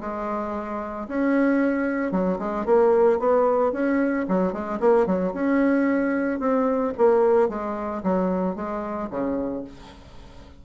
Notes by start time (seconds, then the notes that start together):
0.00 G#3
1.08 C#4
2.11 F#3
2.38 G#3
2.65 A#3
3.19 B3
3.72 C#4
4.28 F#3
4.52 G#3
4.80 A#3
5.06 F#3
5.33 C#4
6.39 C4
6.97 A#3
7.49 G#3
8.03 F#3
8.55 G#3
9.10 C#3